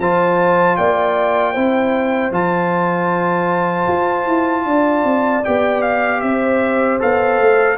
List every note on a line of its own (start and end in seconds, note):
0.00 0.78 F3
0.00 1.55 F4
0.00 0.78 C5
0.00 0.77 A5
0.77 1.57 A#3
0.77 1.53 D5
0.77 2.33 G5
1.53 2.31 C4
1.53 2.32 E4
1.53 4.64 C5
2.31 3.87 F3
2.31 5.44 F4
2.31 5.45 A5
3.88 4.27 F4
4.27 4.66 E4
4.66 5.05 D4
4.66 6.23 D5
5.05 5.44 C4
5.45 6.23 B3
5.45 7.00 G4
5.45 5.82 G5
5.82 6.21 F5
6.21 7.01 C4
6.21 7.78 C5
6.21 6.99 E5
7.00 7.41 B3
7.00 7.78 A4
7.00 7.78 F5
7.41 7.78 A3